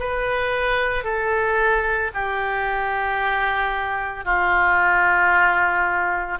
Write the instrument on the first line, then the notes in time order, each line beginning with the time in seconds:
oboe
0.00 B4
1.04 A4
2.15 G4
4.25 F4